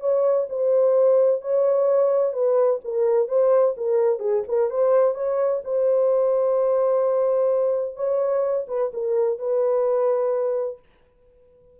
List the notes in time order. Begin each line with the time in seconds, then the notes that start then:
0.00 C#5
0.49 C5
1.41 C#5
2.33 B4
2.84 A#4
3.28 C5
3.77 A#4
4.19 G#4
4.47 A#4
4.70 C5
5.14 C#5
5.64 C5
7.96 C#5
8.68 B4
8.93 A#4
9.38 B4